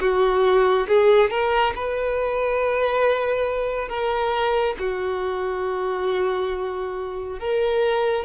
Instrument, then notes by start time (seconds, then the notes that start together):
violin
0.00 F#4
0.87 G#4
1.30 A#4
1.75 B4
3.89 A#4
4.79 F#4
7.39 A#4